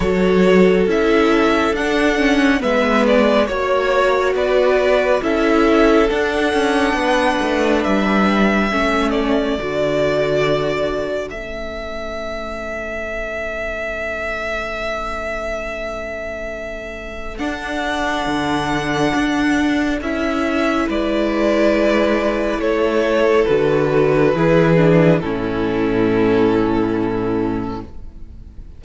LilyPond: <<
  \new Staff \with { instrumentName = "violin" } { \time 4/4 \tempo 4 = 69 cis''4 e''4 fis''4 e''8 d''8 | cis''4 d''4 e''4 fis''4~ | fis''4 e''4. d''4.~ | d''4 e''2.~ |
e''1 | fis''2. e''4 | d''2 cis''4 b'4~ | b'4 a'2. | }
  \new Staff \with { instrumentName = "violin" } { \time 4/4 a'2. b'4 | cis''4 b'4 a'2 | b'2 a'2~ | a'1~ |
a'1~ | a'1 | b'2 a'2 | gis'4 e'2. | }
  \new Staff \with { instrumentName = "viola" } { \time 4/4 fis'4 e'4 d'8 cis'8 b4 | fis'2 e'4 d'4~ | d'2 cis'4 fis'4~ | fis'4 cis'2.~ |
cis'1 | d'2. e'4~ | e'2. fis'4 | e'8 d'8 cis'2. | }
  \new Staff \with { instrumentName = "cello" } { \time 4/4 fis4 cis'4 d'4 gis4 | ais4 b4 cis'4 d'8 cis'8 | b8 a8 g4 a4 d4~ | d4 a2.~ |
a1 | d'4 d4 d'4 cis'4 | gis2 a4 d4 | e4 a,2. | }
>>